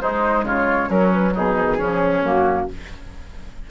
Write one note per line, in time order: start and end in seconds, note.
0.00 0.90 G#3
0.00 0.44 G#3
0.00 0.45 D#4
0.00 0.46 C5
0.44 0.88 C#3
0.44 0.89 F4
0.44 0.90 C#5
0.89 1.34 F#3
0.89 1.57 F#3
0.89 1.34 C#4
0.89 1.12 A#4
1.13 1.36 B4
1.34 1.81 B2
1.34 1.78 D#4
1.34 2.26 G#4
1.57 1.65 F3
1.65 1.76 D#3
1.78 2.23 C#3
1.78 2.24 F3
1.78 2.67 C#4
2.23 2.68 F#2
2.23 2.69 A#3
2.23 2.71 F#4